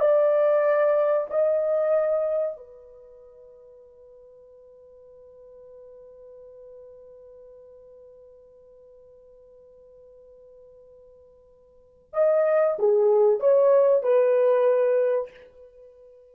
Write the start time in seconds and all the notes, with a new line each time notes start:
0.00 D5
1.30 D#5
2.57 B4
12.13 D#5
12.79 G#4
13.40 C#5
14.03 B4